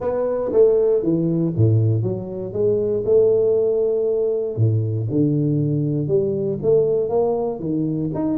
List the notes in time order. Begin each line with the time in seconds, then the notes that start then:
0.00 B3
0.52 A3
1.02 E3
1.56 A2
2.02 F#3
2.52 G#3
3.05 A3
4.56 A2
5.10 D3
6.07 G3
6.62 A3
7.09 A#3
7.59 D#3
8.14 D#4